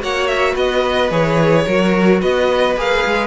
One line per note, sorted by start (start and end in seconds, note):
0.00 0.56 A#3
0.00 1.10 F#4
0.00 0.53 C#5
0.00 0.28 F#5
0.28 0.55 E5
0.53 1.11 B3
0.53 1.63 B4
0.53 1.11 D#5
1.11 1.66 E3
1.11 1.66 G#4
1.11 2.22 C#5
1.66 2.23 F#3
1.66 2.76 F#4
1.66 2.21 A#4
2.21 2.77 B3
2.21 3.27 B4
2.21 2.77 D#5
2.77 3.05 A#3
2.77 3.27 G#4
2.77 3.27 F5
3.06 3.27 G#3